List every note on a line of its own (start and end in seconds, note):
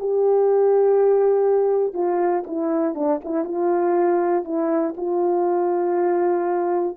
0.00 1.94 G4
1.94 2.44 F4
2.47 2.95 E4
2.95 3.20 D4
3.25 3.45 E4
3.45 4.45 F4
4.45 4.95 E4
4.97 6.97 F4